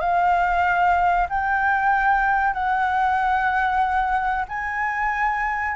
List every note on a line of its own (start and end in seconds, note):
0.00 1.28 F5
1.29 2.54 G5
2.54 4.45 F#5
4.49 5.76 G#5